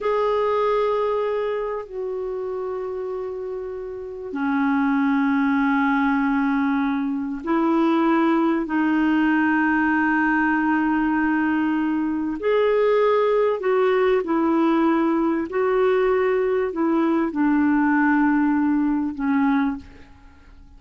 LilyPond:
\new Staff \with { instrumentName = "clarinet" } { \time 4/4 \tempo 4 = 97 gis'2. fis'4~ | fis'2. cis'4~ | cis'1 | e'2 dis'2~ |
dis'1 | gis'2 fis'4 e'4~ | e'4 fis'2 e'4 | d'2. cis'4 | }